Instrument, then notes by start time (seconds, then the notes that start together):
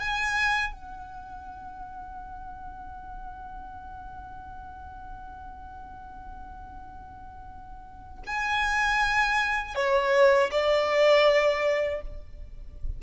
violin
0.00 G#5
0.73 F#5
8.26 G#5
9.75 C#5
10.51 D5